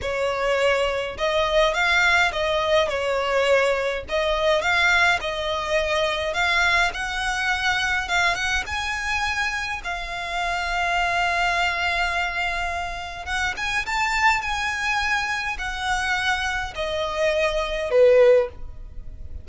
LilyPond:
\new Staff \with { instrumentName = "violin" } { \time 4/4 \tempo 4 = 104 cis''2 dis''4 f''4 | dis''4 cis''2 dis''4 | f''4 dis''2 f''4 | fis''2 f''8 fis''8 gis''4~ |
gis''4 f''2.~ | f''2. fis''8 gis''8 | a''4 gis''2 fis''4~ | fis''4 dis''2 b'4 | }